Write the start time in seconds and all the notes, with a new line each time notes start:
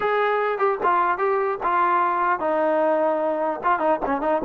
0.00 G#4
0.58 G4
0.83 F4
1.18 G4
1.63 F4
2.39 D#4
3.63 F4
3.79 D#4
4.05 C#4
4.21 D#4